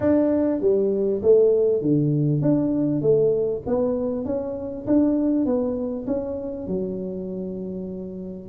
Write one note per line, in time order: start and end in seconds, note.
0.00 0.60 D4
0.60 1.21 G3
1.22 1.81 A3
1.81 2.41 D3
2.41 3.01 D4
3.01 3.62 A3
3.66 4.25 B3
4.25 4.86 C#4
4.87 5.45 D4
5.45 6.06 B3
6.06 6.67 C#4
6.67 8.49 F#3